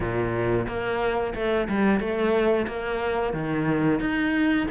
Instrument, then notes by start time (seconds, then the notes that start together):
cello
0.00 A#2
0.67 A#3
1.35 A3
1.68 G3
1.99 A3
2.67 A#3
3.33 D#3
4.00 D#4